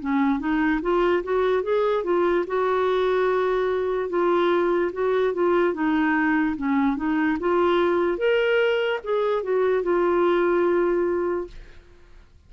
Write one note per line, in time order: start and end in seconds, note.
0.00 0.39 C#4
0.39 0.80 D#4
0.81 1.23 F4
1.23 1.63 F#4
1.63 2.04 G#4
2.04 2.45 F4
2.47 4.09 F#4
4.09 4.91 F4
4.92 5.33 F#4
5.33 5.73 F4
5.73 6.56 D#4
6.56 6.96 C#4
6.96 7.37 D#4
7.39 8.17 F4
8.17 9.00 A#4
9.03 9.43 G#4
9.43 9.83 F#4
9.83 11.47 F4